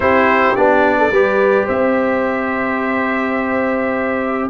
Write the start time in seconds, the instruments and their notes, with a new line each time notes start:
0.00 tuba C4, trombone E4, horn G4, trumpet C5
0.55 tuba B3, trombone D4, trumpet D5
0.98 horn A4
1.11 tuba G3, trombone G4, horn B4
1.65 tuba C4, horn C5, trumpet E5